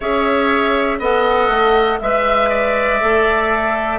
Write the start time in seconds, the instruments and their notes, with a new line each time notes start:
0.00 bassoon C#4, clarinet G#4, oboe C#5, flute E5
0.99 bassoon B3, clarinet A4, oboe D#5, flute F#5
1.49 bassoon A3
1.99 bassoon G#3, clarinet B4, flute E5, oboe E5
2.49 oboe D5
3.00 bassoon A3, clarinet A4